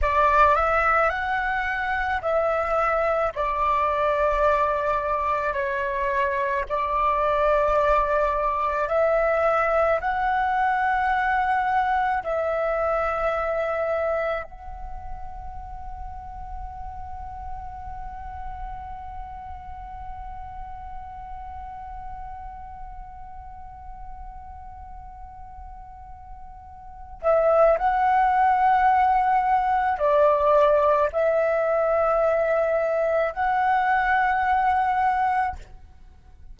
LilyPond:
\new Staff \with { instrumentName = "flute" } { \time 4/4 \tempo 4 = 54 d''8 e''8 fis''4 e''4 d''4~ | d''4 cis''4 d''2 | e''4 fis''2 e''4~ | e''4 fis''2.~ |
fis''1~ | fis''1~ | fis''8 e''8 fis''2 d''4 | e''2 fis''2 | }